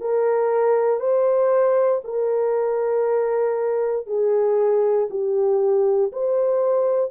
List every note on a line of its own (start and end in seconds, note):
0.00 0.99 A#4
0.99 2.01 C5
2.04 4.06 A#4
4.06 5.08 G#4
5.10 6.12 G4
6.12 7.11 C5